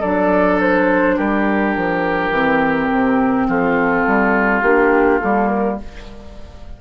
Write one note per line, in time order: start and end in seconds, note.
0.00 1.19 F#3
0.00 2.33 D4
0.00 1.15 A4
0.00 0.59 D5
0.61 1.18 C5
1.17 1.76 G3
1.17 3.47 G4
1.17 3.49 A#4
1.76 2.30 F3
2.30 2.88 E3
2.30 4.63 C4
2.91 3.48 C3
3.48 4.06 F3
3.48 5.78 F4
3.48 4.62 A4
4.07 4.62 G3
4.62 5.20 A#3
4.62 5.21 D4
4.62 5.19 G4
5.20 5.81 G3
5.20 5.78 A#3
5.20 5.49 A4
5.49 5.77 A#4